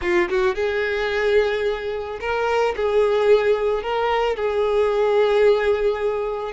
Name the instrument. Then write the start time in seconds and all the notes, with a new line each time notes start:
violin
0.01 F4
0.29 F#4
0.55 G#4
2.20 A#4
2.75 G#4
3.82 A#4
4.36 G#4